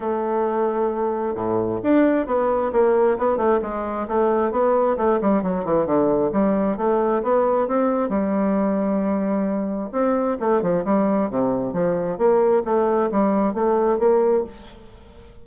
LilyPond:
\new Staff \with { instrumentName = "bassoon" } { \time 4/4 \tempo 4 = 133 a2. a,4 | d'4 b4 ais4 b8 a8 | gis4 a4 b4 a8 g8 | fis8 e8 d4 g4 a4 |
b4 c'4 g2~ | g2 c'4 a8 f8 | g4 c4 f4 ais4 | a4 g4 a4 ais4 | }